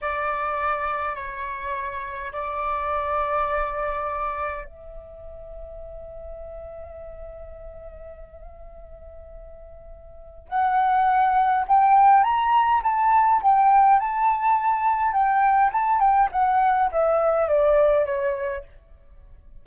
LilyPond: \new Staff \with { instrumentName = "flute" } { \time 4/4 \tempo 4 = 103 d''2 cis''2 | d''1 | e''1~ | e''1~ |
e''2 fis''2 | g''4 ais''4 a''4 g''4 | a''2 g''4 a''8 g''8 | fis''4 e''4 d''4 cis''4 | }